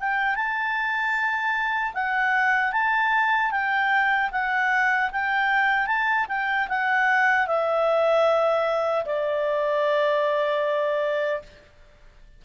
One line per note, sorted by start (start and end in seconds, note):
0.00 0.36 G5
0.36 1.94 A5
1.94 2.73 F#5
2.73 3.52 A5
3.52 4.31 G5
4.32 5.11 F#5
5.12 5.87 G5
5.87 6.27 A5
6.29 6.68 G5
6.69 7.47 F#5
7.47 9.05 E5
9.06 11.43 D5